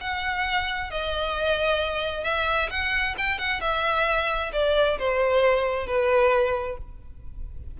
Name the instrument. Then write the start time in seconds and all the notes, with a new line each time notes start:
violin
0.00 F#5
0.90 D#5
2.23 E5
2.70 F#5
3.17 G5
3.38 F#5
3.60 E5
4.52 D5
4.98 C5
5.86 B4